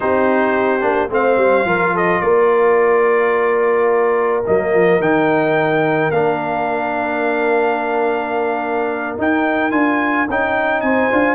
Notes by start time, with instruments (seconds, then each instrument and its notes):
0.00 tuba C4, trombone D#4, horn G4, trumpet C5
0.80 tuba A#3, trombone D4
1.10 tuba A3, trombone C4, horn C5, trumpet F5
1.37 tuba G3
1.65 tuba F3, trombone F4, horn A#4
1.94 horn A4, trumpet D#5
2.21 tuba A#3, horn A#4, trumpet D5
4.45 tuba F#3, trombone A#3, trumpet D#5
4.73 tuba F3
4.99 tuba D#3, trombone D#4, trumpet G5
6.11 tuba A#3, trombone D4, trumpet F5
9.17 trombone D#4, tuba D#4, trumpet G5
9.71 tuba D4, trombone F4, trumpet G#5
10.28 tuba C#4, trombone D#4, trumpet G5
10.80 tuba C4, horn C5, trumpet G#5
11.12 tuba D4, trombone F4